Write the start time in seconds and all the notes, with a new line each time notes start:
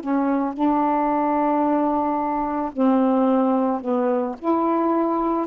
0.00 C#4
0.53 D4
2.72 C4
3.80 B3
4.38 E4